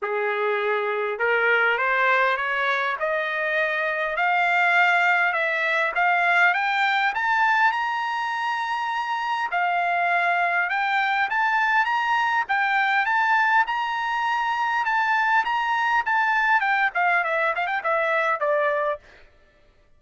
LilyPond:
\new Staff \with { instrumentName = "trumpet" } { \time 4/4 \tempo 4 = 101 gis'2 ais'4 c''4 | cis''4 dis''2 f''4~ | f''4 e''4 f''4 g''4 | a''4 ais''2. |
f''2 g''4 a''4 | ais''4 g''4 a''4 ais''4~ | ais''4 a''4 ais''4 a''4 | g''8 f''8 e''8 f''16 g''16 e''4 d''4 | }